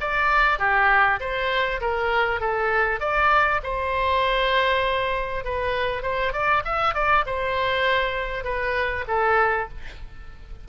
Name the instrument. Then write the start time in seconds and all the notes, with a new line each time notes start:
oboe
0.00 D5
0.58 G4
1.20 C5
1.80 A#4
2.40 A4
3.00 D5
3.63 C5
5.44 B4
6.02 C5
6.33 D5
6.64 E5
6.94 D5
7.26 C5
8.44 B4
9.07 A4